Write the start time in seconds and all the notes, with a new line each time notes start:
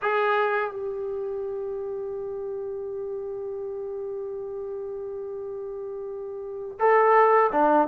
0.02 G#4
0.71 G4
6.79 A4
7.52 D4